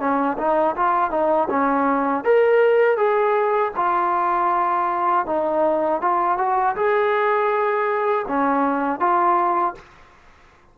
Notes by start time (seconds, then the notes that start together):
0.00 C#4
0.38 D#4
0.76 F4
1.11 D#4
1.50 C#4
2.25 A#4
2.97 G#4
3.76 F4
5.27 D#4
6.02 F4
6.38 F#4
6.76 G#4
8.28 C#4
9.00 F4